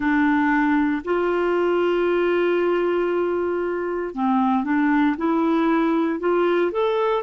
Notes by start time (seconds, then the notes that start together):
0.00 D4
1.04 F4
4.14 C4
4.64 D4
5.17 E4
6.19 F4
6.71 A4